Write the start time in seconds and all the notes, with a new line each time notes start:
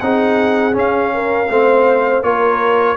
0.00 C4 D#4 G#4 F#5
0.72 C#4 F5
1.13 A#4
1.49 A3 C4 C5
2.23 A#3 F4 A#4 C#5